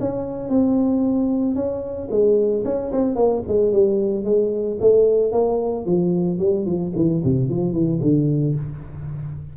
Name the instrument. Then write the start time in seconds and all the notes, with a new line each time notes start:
tuba
0.00 C#4
0.49 C4
1.55 C#4
2.11 G#3
2.65 C#4
2.92 C4
3.16 A#3
3.48 G#3
3.73 G3
4.25 G#3
4.80 A3
5.32 A#3
5.86 F3
6.39 G3
6.66 F3
6.95 E3
7.24 C3
7.49 F3
7.73 E3
8.02 D3